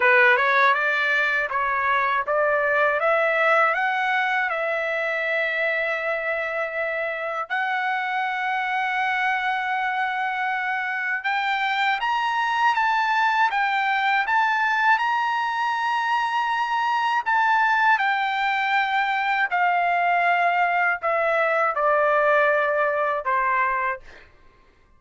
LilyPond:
\new Staff \with { instrumentName = "trumpet" } { \time 4/4 \tempo 4 = 80 b'8 cis''8 d''4 cis''4 d''4 | e''4 fis''4 e''2~ | e''2 fis''2~ | fis''2. g''4 |
ais''4 a''4 g''4 a''4 | ais''2. a''4 | g''2 f''2 | e''4 d''2 c''4 | }